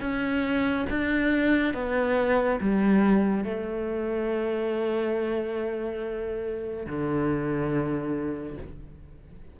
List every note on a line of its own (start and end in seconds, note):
0.00 0.86 C#4
0.90 1.74 D4
1.74 2.59 B3
2.61 3.44 G3
3.44 6.86 A3
6.86 8.58 D3